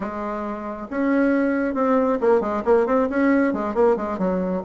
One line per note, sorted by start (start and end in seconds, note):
0.00 0.87 G#3
0.90 1.74 C#4
1.74 2.18 C4
2.20 2.40 A#3
2.40 2.62 G#3
2.65 2.86 A#3
2.86 3.08 C4
3.09 3.53 C#4
3.53 3.74 G#3
3.74 3.96 A#3
3.96 4.18 G#3
4.18 4.62 F#3